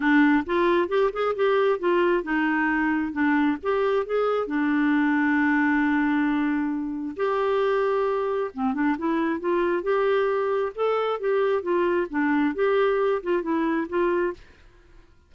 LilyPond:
\new Staff \with { instrumentName = "clarinet" } { \time 4/4 \tempo 4 = 134 d'4 f'4 g'8 gis'8 g'4 | f'4 dis'2 d'4 | g'4 gis'4 d'2~ | d'1 |
g'2. c'8 d'8 | e'4 f'4 g'2 | a'4 g'4 f'4 d'4 | g'4. f'8 e'4 f'4 | }